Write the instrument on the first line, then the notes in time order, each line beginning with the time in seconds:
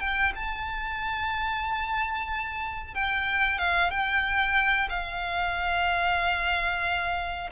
violin
0.00 G5
0.35 A5
2.94 G5
3.58 F5
3.90 G5
4.89 F5